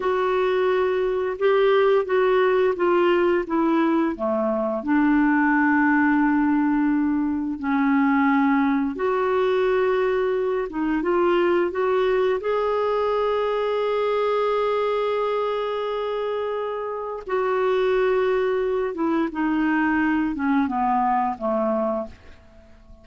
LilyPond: \new Staff \with { instrumentName = "clarinet" } { \time 4/4 \tempo 4 = 87 fis'2 g'4 fis'4 | f'4 e'4 a4 d'4~ | d'2. cis'4~ | cis'4 fis'2~ fis'8 dis'8 |
f'4 fis'4 gis'2~ | gis'1~ | gis'4 fis'2~ fis'8 e'8 | dis'4. cis'8 b4 a4 | }